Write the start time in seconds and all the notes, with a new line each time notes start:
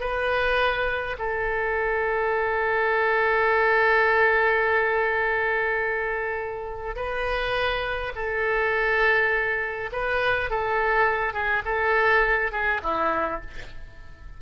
0.00 B4
1.19 A4
6.96 B4
8.15 A4
9.92 B4
10.50 A4
11.34 G#4
11.65 A4
12.52 G#4
12.83 E4